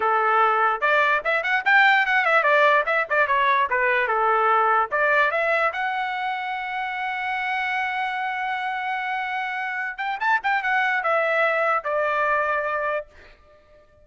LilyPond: \new Staff \with { instrumentName = "trumpet" } { \time 4/4 \tempo 4 = 147 a'2 d''4 e''8 fis''8 | g''4 fis''8 e''8 d''4 e''8 d''8 | cis''4 b'4 a'2 | d''4 e''4 fis''2~ |
fis''1~ | fis''1~ | fis''8 g''8 a''8 g''8 fis''4 e''4~ | e''4 d''2. | }